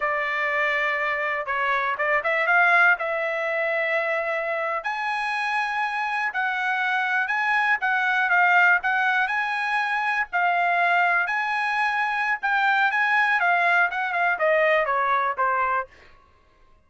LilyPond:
\new Staff \with { instrumentName = "trumpet" } { \time 4/4 \tempo 4 = 121 d''2. cis''4 | d''8 e''8 f''4 e''2~ | e''4.~ e''16 gis''2~ gis''16~ | gis''8. fis''2 gis''4 fis''16~ |
fis''8. f''4 fis''4 gis''4~ gis''16~ | gis''8. f''2 gis''4~ gis''16~ | gis''4 g''4 gis''4 f''4 | fis''8 f''8 dis''4 cis''4 c''4 | }